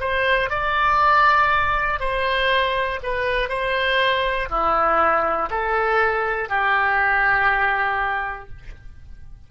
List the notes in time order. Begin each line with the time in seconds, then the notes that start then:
0.00 C5
0.49 D5
1.99 C5
3.03 B4
3.49 C5
4.49 E4
5.50 A4
6.49 G4